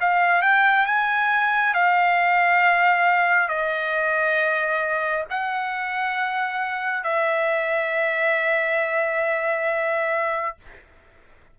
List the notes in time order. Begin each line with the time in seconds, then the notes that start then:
0.00 F5
0.42 G5
0.85 G#5
1.74 F5
3.48 D#5
5.29 F#5
7.03 E5